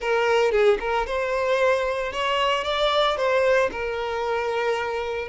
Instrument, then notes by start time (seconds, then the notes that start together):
violin
0.00 A#4
0.51 G#4
0.80 A#4
1.06 C5
2.12 C#5
2.64 D5
3.17 C5
3.71 A#4